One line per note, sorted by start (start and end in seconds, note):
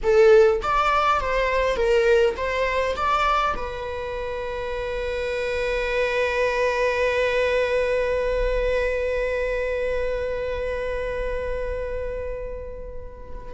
0.02 0.61 A4
0.62 1.20 D5
1.20 1.76 C5
1.76 2.35 A#4
2.36 2.95 C5
2.96 3.55 D5
3.56 13.54 B4